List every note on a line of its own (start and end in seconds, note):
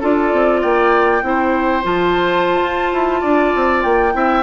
0.00 0.33 D4
0.00 1.22 F4
0.00 0.60 A4
0.00 0.61 D5
0.33 0.63 C4
0.60 1.22 A#3
0.60 1.22 D5
0.60 1.84 G5
1.22 1.83 C4
1.22 1.83 E4
1.22 3.21 C5
1.83 2.60 F3
1.83 4.12 F4
1.83 3.82 A5
2.61 2.91 F4
2.92 3.22 E4
3.21 3.53 D4
3.21 4.12 D5
3.55 3.84 C4
3.82 4.14 A#3
3.82 4.42 G5
4.12 4.42 C4
4.12 4.42 E4
4.12 4.42 E5